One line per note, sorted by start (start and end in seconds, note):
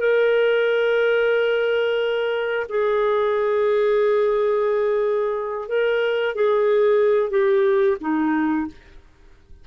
0.00 2.67 A#4
2.69 5.68 G#4
5.68 6.35 A#4
6.35 7.30 G#4
7.30 7.97 G4
8.00 8.67 D#4